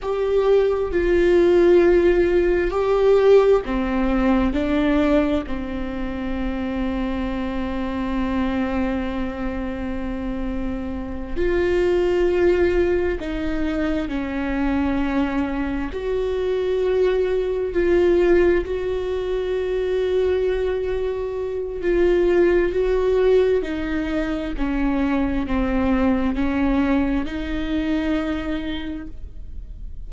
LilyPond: \new Staff \with { instrumentName = "viola" } { \time 4/4 \tempo 4 = 66 g'4 f'2 g'4 | c'4 d'4 c'2~ | c'1~ | c'8 f'2 dis'4 cis'8~ |
cis'4. fis'2 f'8~ | f'8 fis'2.~ fis'8 | f'4 fis'4 dis'4 cis'4 | c'4 cis'4 dis'2 | }